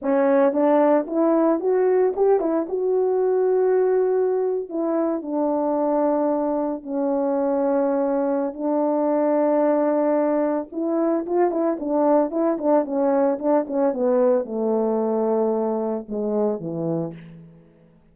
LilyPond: \new Staff \with { instrumentName = "horn" } { \time 4/4 \tempo 4 = 112 cis'4 d'4 e'4 fis'4 | g'8 e'8 fis'2.~ | fis'8. e'4 d'2~ d'16~ | d'8. cis'2.~ cis'16 |
d'1 | e'4 f'8 e'8 d'4 e'8 d'8 | cis'4 d'8 cis'8 b4 a4~ | a2 gis4 e4 | }